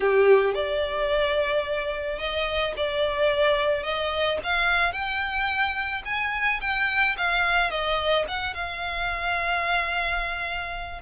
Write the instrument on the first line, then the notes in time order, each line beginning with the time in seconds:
violin
0.00 G4
0.54 D5
2.18 D#5
2.76 D5
3.83 D#5
4.43 F5
4.92 G5
6.05 G#5
6.61 G5
7.17 F5
7.70 D#5
8.27 F#5
8.54 F5